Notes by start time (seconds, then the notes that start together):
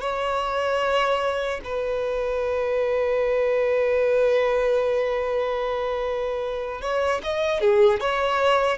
0.00 C#5
1.64 B4
6.81 C#5
7.23 D#5
7.60 G#4
8.00 C#5